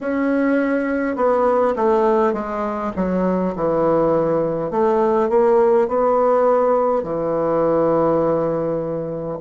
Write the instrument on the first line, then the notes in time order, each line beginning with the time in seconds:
bassoon
0.01 C#4
1.16 B3
1.76 A3
2.33 G#3
2.96 F#3
3.56 E3
4.71 A3
5.29 A#3
5.88 B3
7.03 E3